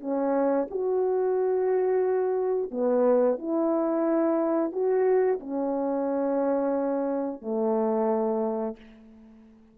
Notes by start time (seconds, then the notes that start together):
0.00 C#4
0.70 F#4
2.71 B3
3.38 E4
4.72 F#4
5.40 C#4
7.42 A3